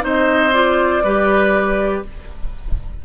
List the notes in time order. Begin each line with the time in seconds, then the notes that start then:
0.00 C4 D#4 C5 D#5
0.53 F4 D5
1.03 G3 G4 B4